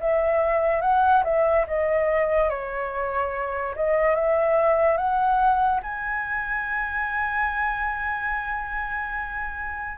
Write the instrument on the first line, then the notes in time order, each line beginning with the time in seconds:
flute
0.00 E5
0.81 F#5
1.24 E5
1.67 D#5
2.49 C#5
3.75 D#5
4.15 E5
4.97 F#5
5.83 G#5